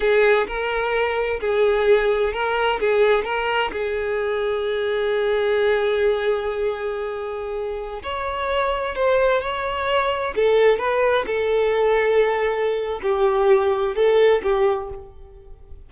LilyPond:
\new Staff \with { instrumentName = "violin" } { \time 4/4 \tempo 4 = 129 gis'4 ais'2 gis'4~ | gis'4 ais'4 gis'4 ais'4 | gis'1~ | gis'1~ |
gis'4~ gis'16 cis''2 c''8.~ | c''16 cis''2 a'4 b'8.~ | b'16 a'2.~ a'8. | g'2 a'4 g'4 | }